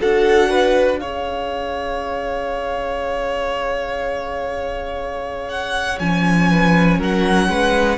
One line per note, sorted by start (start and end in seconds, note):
0.00 1.02 D4
0.00 1.00 F#4
0.00 0.50 A4
0.00 0.99 F#5
0.50 1.00 B4
0.99 6.00 C#4
0.99 5.99 G#4
0.99 6.51 C#5
0.99 5.49 F5
5.49 5.99 F#5
5.99 6.99 F3
5.99 7.98 C#4
5.99 7.00 G#5
6.51 6.99 B4
6.99 7.49 F#3
6.99 7.49 A#4
6.99 7.98 F#5
7.49 7.98 G#3
7.49 7.98 B4